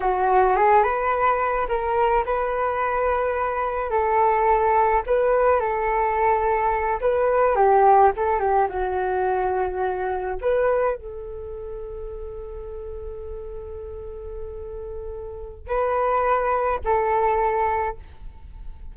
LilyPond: \new Staff \with { instrumentName = "flute" } { \time 4/4 \tempo 4 = 107 fis'4 gis'8 b'4. ais'4 | b'2. a'4~ | a'4 b'4 a'2~ | a'8 b'4 g'4 a'8 g'8 fis'8~ |
fis'2~ fis'8 b'4 a'8~ | a'1~ | a'1 | b'2 a'2 | }